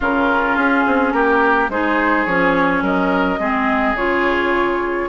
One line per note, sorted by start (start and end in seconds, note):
0.00 0.56 C#3
0.00 1.71 C#4
0.00 1.13 F4
0.00 0.56 A#4
0.56 0.84 C#4
0.56 1.12 G#4
0.86 1.12 C4
1.12 1.69 A#3
1.12 1.70 G4
1.12 1.69 A#4
1.69 2.25 G#3
1.69 2.27 D#4
1.69 2.83 G#4
1.69 2.25 C5
2.25 2.81 F3
2.25 3.39 C#4
2.25 2.82 C#5
2.81 3.38 F#3
2.81 3.39 A#4
2.81 3.96 D#5
3.38 3.94 G#3
3.38 3.96 C4
3.38 5.08 G#4
3.94 5.07 C#3
3.94 5.08 F4
3.94 5.08 C#5